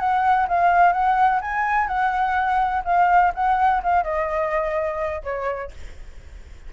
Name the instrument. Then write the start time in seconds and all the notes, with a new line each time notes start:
flute
0.00 F#5
0.48 F5
0.93 F#5
1.42 G#5
1.88 F#5
2.85 F5
3.35 F#5
3.83 F5
4.04 D#5
5.24 C#5